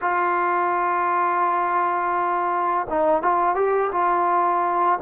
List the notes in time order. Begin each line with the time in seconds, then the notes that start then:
0.01 F4
2.89 D#4
3.22 F4
3.55 G4
3.92 F4